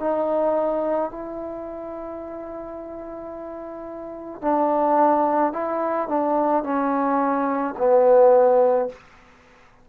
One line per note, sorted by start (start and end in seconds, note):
0.00 1.11 D#4
1.11 4.41 E4
4.41 5.53 D4
5.53 6.08 E4
6.08 6.64 D4
6.64 7.75 C#4
7.78 8.89 B3